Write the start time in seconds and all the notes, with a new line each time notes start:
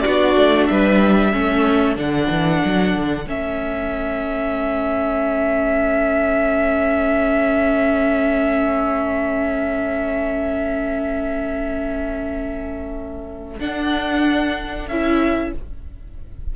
0.00 B3 D4 F#4 D5
0.35 A3
0.66 G3 B4 E5
1.29 A3 C#4 A4
1.96 D3 D4 F#5
2.29 E3
2.64 F#3
2.96 D3
3.26 A3 C#4 E5
13.59 D4 F#5
14.88 C#4 E4 E5